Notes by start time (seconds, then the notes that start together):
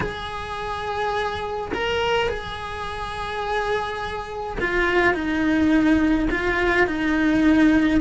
0.00 G#4
1.74 A#4
2.29 G#4
4.60 F4
5.14 D#4
6.30 F4
6.86 D#4